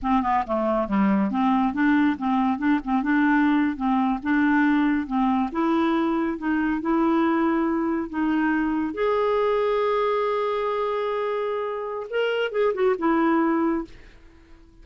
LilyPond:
\new Staff \with { instrumentName = "clarinet" } { \time 4/4 \tempo 4 = 139 c'8 b8 a4 g4 c'4 | d'4 c'4 d'8 c'8 d'4~ | d'8. c'4 d'2 c'16~ | c'8. e'2 dis'4 e'16~ |
e'2~ e'8. dis'4~ dis'16~ | dis'8. gis'2.~ gis'16~ | gis'1 | ais'4 gis'8 fis'8 e'2 | }